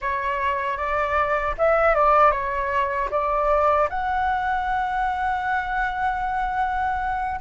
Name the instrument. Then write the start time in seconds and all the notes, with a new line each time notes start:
flute
0.01 C#5
0.77 D5
1.58 E5
1.94 D5
2.31 C#5
3.10 D5
3.89 F#5